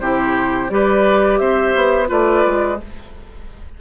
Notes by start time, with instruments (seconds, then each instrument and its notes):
0.00 bassoon C3, clarinet E4, oboe G4, flute C5
0.70 bassoon G3, clarinet G4, oboe B4, flute D5
1.39 bassoon C4, oboe C5, flute E5
1.75 bassoon B3
2.07 bassoon A3, clarinet F4, oboe B4, flute D5
2.46 bassoon G#3